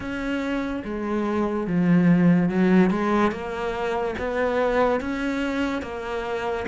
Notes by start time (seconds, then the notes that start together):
0.00 C#4
0.84 G#3
1.67 F3
2.49 F#3
2.90 G#3
3.31 A#3
4.18 B3
5.00 C#4
5.82 A#3